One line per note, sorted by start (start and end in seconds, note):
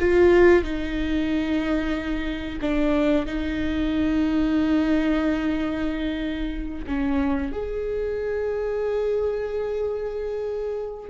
0.00 0.64 F4
0.64 2.59 D#4
2.61 3.26 D4
3.26 6.85 D#4
6.87 7.52 C#4
7.52 11.10 G#4